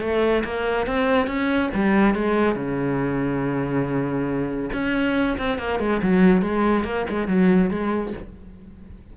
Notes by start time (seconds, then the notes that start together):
0.00 A3
0.44 A#3
0.86 C4
1.27 C#4
1.74 G3
2.14 G#3
2.55 C#3
4.73 C#4
5.38 C4
5.58 A#3
5.79 G#3
6.02 F#3
6.41 G#3
6.84 A#3
7.09 G#3
7.27 F#3
7.70 G#3